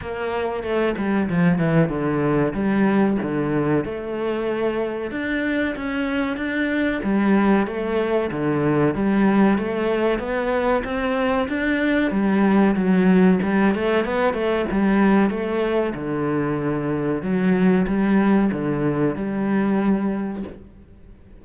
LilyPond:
\new Staff \with { instrumentName = "cello" } { \time 4/4 \tempo 4 = 94 ais4 a8 g8 f8 e8 d4 | g4 d4 a2 | d'4 cis'4 d'4 g4 | a4 d4 g4 a4 |
b4 c'4 d'4 g4 | fis4 g8 a8 b8 a8 g4 | a4 d2 fis4 | g4 d4 g2 | }